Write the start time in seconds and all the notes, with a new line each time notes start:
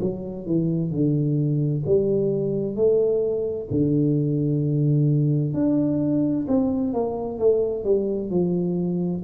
0.00 F#3
0.46 E3
0.91 D3
1.85 G3
2.75 A3
3.70 D3
5.54 D4
6.47 C4
6.93 A#3
7.38 A3
7.84 G3
8.30 F3